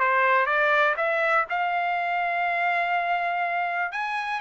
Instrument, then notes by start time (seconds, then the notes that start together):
trumpet
0.00 C5
0.46 D5
0.97 E5
1.50 F5
3.92 G#5